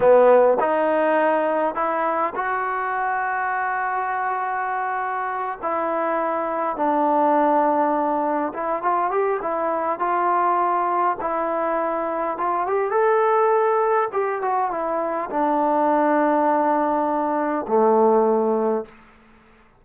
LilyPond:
\new Staff \with { instrumentName = "trombone" } { \time 4/4 \tempo 4 = 102 b4 dis'2 e'4 | fis'1~ | fis'4. e'2 d'8~ | d'2~ d'8 e'8 f'8 g'8 |
e'4 f'2 e'4~ | e'4 f'8 g'8 a'2 | g'8 fis'8 e'4 d'2~ | d'2 a2 | }